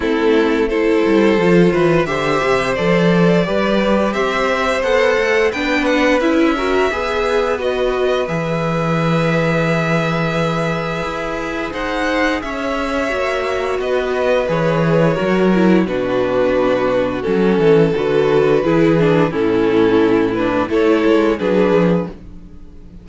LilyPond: <<
  \new Staff \with { instrumentName = "violin" } { \time 4/4 \tempo 4 = 87 a'4 c''2 e''4 | d''2 e''4 fis''4 | g''8 fis''8 e''2 dis''4 | e''1~ |
e''4 fis''4 e''2 | dis''4 cis''2 b'4~ | b'4 a'4 b'2 | a'4. b'8 cis''4 b'4 | }
  \new Staff \with { instrumentName = "violin" } { \time 4/4 e'4 a'4. b'8 c''4~ | c''4 b'4 c''2 | b'4. ais'8 b'2~ | b'1~ |
b'4 c''4 cis''2 | b'2 ais'4 fis'4~ | fis'4. a'4. gis'4 | e'2 a'4 gis'4 | }
  \new Staff \with { instrumentName = "viola" } { \time 4/4 c'4 e'4 f'4 g'4 | a'4 g'2 a'4 | d'4 e'8 fis'8 gis'4 fis'4 | gis'1~ |
gis'2. fis'4~ | fis'4 gis'4 fis'8 e'8 d'4~ | d'4 cis'4 fis'4 e'8 d'8 | cis'4. d'8 e'4 d'4 | }
  \new Staff \with { instrumentName = "cello" } { \time 4/4 a4. g8 f8 e8 d8 c8 | f4 g4 c'4 b8 a8 | b4 cis'4 b2 | e1 |
e'4 dis'4 cis'4 ais4 | b4 e4 fis4 b,4~ | b,4 fis8 e8 d4 e4 | a,2 a8 gis8 fis8 f8 | }
>>